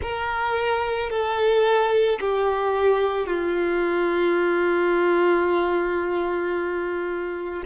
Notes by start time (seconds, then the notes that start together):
0.01 A#4
1.10 A4
2.20 G4
3.27 F4